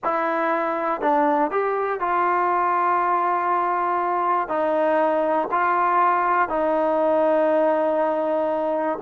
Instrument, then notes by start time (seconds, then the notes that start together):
trombone
0.03 E4
1.01 D4
1.50 G4
2.00 F4
4.48 D#4
5.51 F4
6.48 D#4